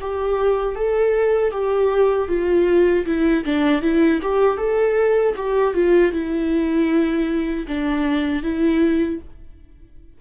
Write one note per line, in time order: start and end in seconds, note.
0.00 0.75 G4
0.75 1.51 A4
1.51 2.28 G4
2.28 3.05 F4
3.06 3.44 E4
3.44 3.81 D4
3.81 4.20 E4
4.22 4.57 G4
4.57 5.34 A4
5.36 5.74 G4
5.74 6.12 F4
6.12 7.66 E4
7.67 8.42 D4
8.42 9.19 E4